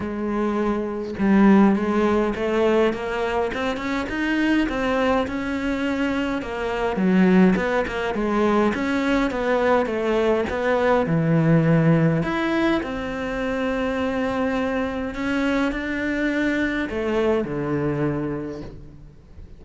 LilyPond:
\new Staff \with { instrumentName = "cello" } { \time 4/4 \tempo 4 = 103 gis2 g4 gis4 | a4 ais4 c'8 cis'8 dis'4 | c'4 cis'2 ais4 | fis4 b8 ais8 gis4 cis'4 |
b4 a4 b4 e4~ | e4 e'4 c'2~ | c'2 cis'4 d'4~ | d'4 a4 d2 | }